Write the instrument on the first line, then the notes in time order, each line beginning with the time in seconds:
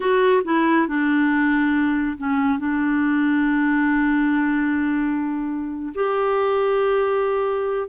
clarinet
0.00 F#4
0.44 E4
0.87 D4
2.17 C#4
2.58 D4
5.95 G4